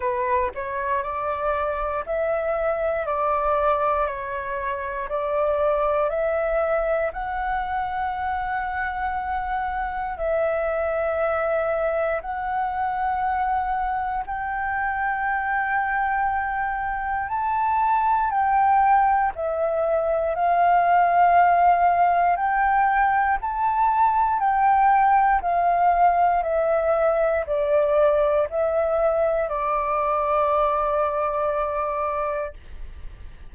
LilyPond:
\new Staff \with { instrumentName = "flute" } { \time 4/4 \tempo 4 = 59 b'8 cis''8 d''4 e''4 d''4 | cis''4 d''4 e''4 fis''4~ | fis''2 e''2 | fis''2 g''2~ |
g''4 a''4 g''4 e''4 | f''2 g''4 a''4 | g''4 f''4 e''4 d''4 | e''4 d''2. | }